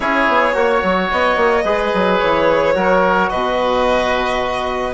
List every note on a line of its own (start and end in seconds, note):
0.00 0.28 C#4
0.00 0.53 E4
0.00 0.56 G#4
0.00 1.09 C#5
0.28 0.54 B3
0.53 0.82 A#3
0.53 1.63 F#4
0.53 1.64 C#5
0.83 1.10 F#3
1.11 1.36 B3
1.11 2.19 D#5
1.36 1.64 A#3
1.64 1.92 G#3
1.64 2.74 G#4
1.64 2.74 B4
1.93 2.21 F#3
2.19 2.75 E3
2.19 3.29 C#5
2.74 3.30 F#3
2.74 4.94 F#4
2.74 3.30 A#4
3.29 4.94 B2
3.29 4.94 B4
3.29 4.94 D#5